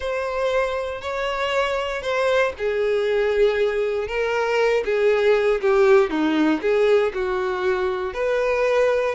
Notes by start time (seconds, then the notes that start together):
0.00 C5
1.01 C#5
2.02 C5
2.57 G#4
4.07 A#4
4.84 G#4
5.61 G4
6.09 D#4
6.61 G#4
7.14 F#4
8.13 B4